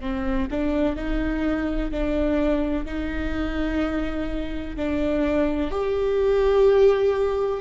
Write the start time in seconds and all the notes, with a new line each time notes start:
0.00 C4
0.50 D4
0.96 D#4
1.91 D4
2.85 D#4
4.76 D4
5.71 G4